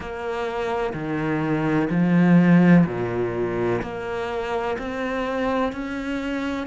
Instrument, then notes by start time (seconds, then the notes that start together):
cello
0.00 A#3
0.93 D#3
1.90 F3
2.86 A#2
3.82 A#3
4.78 C4
5.72 C#4